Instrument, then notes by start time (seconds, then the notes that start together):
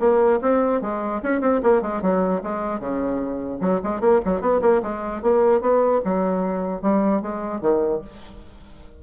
bassoon
0.00 A#3
0.42 C4
0.82 G#3
1.23 C#4
1.41 C4
1.63 A#3
1.82 G#3
2.02 F#3
2.44 G#3
2.80 C#3
3.61 F#3
3.84 G#3
4.01 A#3
4.26 F#3
4.41 B3
4.62 A#3
4.83 G#3
5.23 A#3
5.61 B3
6.05 F#3
6.82 G3
7.22 G#3
7.61 D#3